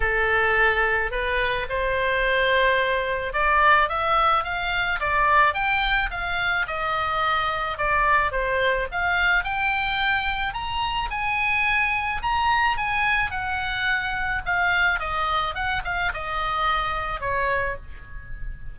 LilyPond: \new Staff \with { instrumentName = "oboe" } { \time 4/4 \tempo 4 = 108 a'2 b'4 c''4~ | c''2 d''4 e''4 | f''4 d''4 g''4 f''4 | dis''2 d''4 c''4 |
f''4 g''2 ais''4 | gis''2 ais''4 gis''4 | fis''2 f''4 dis''4 | fis''8 f''8 dis''2 cis''4 | }